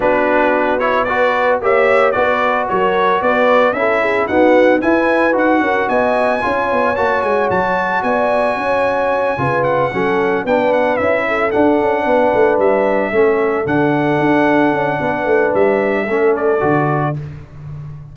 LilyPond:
<<
  \new Staff \with { instrumentName = "trumpet" } { \time 4/4 \tempo 4 = 112 b'4. cis''8 d''4 e''4 | d''4 cis''4 d''4 e''4 | fis''4 gis''4 fis''4 gis''4~ | gis''4 a''8 gis''8 a''4 gis''4~ |
gis''2 fis''4. g''8 | fis''8 e''4 fis''2 e''8~ | e''4. fis''2~ fis''8~ | fis''4 e''4. d''4. | }
  \new Staff \with { instrumentName = "horn" } { \time 4/4 fis'2 b'4 cis''4 | b'4 ais'4 b'4 a'8 gis'8 | fis'4 b'4. ais'8 dis''4 | cis''2. d''4 |
cis''4. b'4 a'4 b'8~ | b'4 a'4. b'4.~ | b'8 a'2.~ a'8 | b'2 a'2 | }
  \new Staff \with { instrumentName = "trombone" } { \time 4/4 d'4. e'8 fis'4 g'4 | fis'2. e'4 | b4 e'4 fis'2 | f'4 fis'2.~ |
fis'4. f'4 cis'4 d'8~ | d'8 e'4 d'2~ d'8~ | d'8 cis'4 d'2~ d'8~ | d'2 cis'4 fis'4 | }
  \new Staff \with { instrumentName = "tuba" } { \time 4/4 b2. ais4 | b4 fis4 b4 cis'4 | dis'4 e'4 dis'8 cis'8 b4 | cis'8 b8 ais8 gis8 fis4 b4 |
cis'4. cis4 fis4 b8~ | b8 cis'4 d'8 cis'8 b8 a8 g8~ | g8 a4 d4 d'4 cis'8 | b8 a8 g4 a4 d4 | }
>>